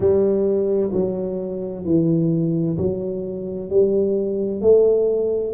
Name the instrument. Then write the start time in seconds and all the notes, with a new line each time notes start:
tuba
0.00 G3
0.92 F#3
1.85 E3
2.77 F#3
3.69 G3
4.61 A3